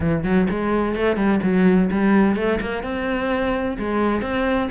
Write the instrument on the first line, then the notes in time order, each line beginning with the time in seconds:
cello
0.00 E3
0.23 F#3
0.50 G#3
0.95 A3
1.16 G3
1.43 F#3
1.91 G3
2.36 A3
2.60 A#3
2.83 C4
3.78 G#3
4.21 C4